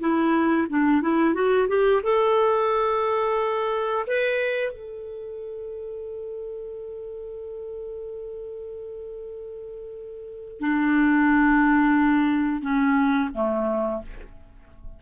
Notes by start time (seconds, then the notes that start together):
0.00 E4
0.69 D4
1.02 E4
1.35 F#4
1.69 G4
2.03 A4
4.07 B4
4.72 A4
10.60 D4
12.62 C#4
13.35 A3